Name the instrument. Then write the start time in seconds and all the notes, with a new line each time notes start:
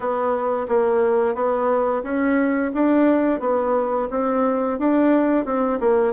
bassoon
0.00 B3
0.68 A#3
1.34 B3
2.03 C#4
2.74 D4
3.40 B3
4.10 C4
4.79 D4
5.45 C4
5.80 A#3